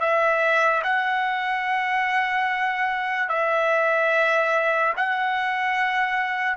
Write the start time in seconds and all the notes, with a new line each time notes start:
0.00 E5
0.83 F#5
3.29 E5
4.97 F#5